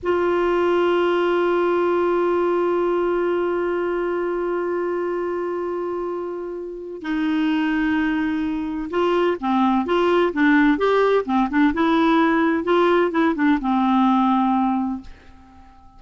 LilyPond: \new Staff \with { instrumentName = "clarinet" } { \time 4/4 \tempo 4 = 128 f'1~ | f'1~ | f'1~ | f'2. dis'4~ |
dis'2. f'4 | c'4 f'4 d'4 g'4 | c'8 d'8 e'2 f'4 | e'8 d'8 c'2. | }